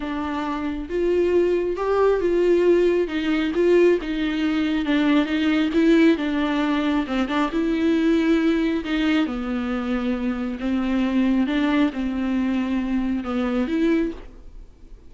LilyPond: \new Staff \with { instrumentName = "viola" } { \time 4/4 \tempo 4 = 136 d'2 f'2 | g'4 f'2 dis'4 | f'4 dis'2 d'4 | dis'4 e'4 d'2 |
c'8 d'8 e'2. | dis'4 b2. | c'2 d'4 c'4~ | c'2 b4 e'4 | }